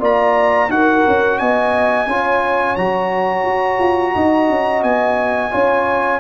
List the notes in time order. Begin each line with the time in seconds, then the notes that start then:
0.00 A#3 F4 D5 A#5
0.68 D#4 F#4 A#4 F#5
1.07 C#4
1.38 B3 D#5 G#5
2.06 C#4 F4 C#5
2.75 F#3 F#4 A#5
3.44 F#4
3.79 F4
4.14 D#4 D#5
4.49 C#4
4.83 B3 G#5
5.51 C#4 F4 C#5